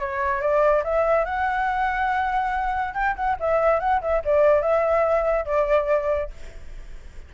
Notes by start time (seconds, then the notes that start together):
0.00 C#5
0.41 D5
0.84 E5
1.25 F#5
2.94 G5
3.16 F#5
3.40 E5
3.80 F#5
4.02 E5
4.25 D5
4.62 E5
5.46 D5